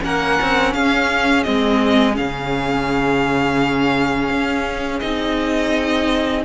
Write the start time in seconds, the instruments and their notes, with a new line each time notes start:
0.00 cello A#3, viola C#4, violin A#4 F#5
0.42 cello C4
0.74 cello C#4, violin G#4 F5
1.44 cello G#3, viola C4, violin D#5
2.14 cello C#3, viola C#4, violin F5
4.30 cello C#4
5.00 cello C4, viola D#4, violin D#5